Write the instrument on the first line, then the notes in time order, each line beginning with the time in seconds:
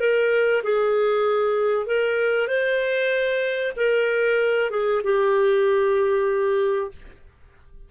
clarinet
0.00 A#4
0.64 G#4
1.87 A#4
2.48 C5
3.77 A#4
4.71 G#4
5.04 G4